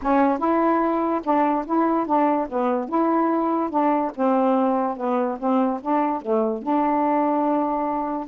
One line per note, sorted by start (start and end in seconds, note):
0.02 0.38 C#4
0.38 1.21 E4
1.23 1.65 D4
1.66 2.06 E4
2.06 2.47 D4
2.49 2.88 B3
2.88 3.70 E4
3.70 4.11 D4
4.15 4.96 C4
4.96 5.38 B3
5.39 5.80 C4
5.81 6.21 D4
6.21 6.62 A3
6.62 8.27 D4